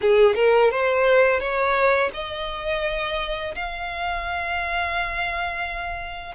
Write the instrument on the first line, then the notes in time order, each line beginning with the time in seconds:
violin
0.01 G#4
0.35 A#4
0.71 C5
1.40 C#5
2.13 D#5
3.55 F5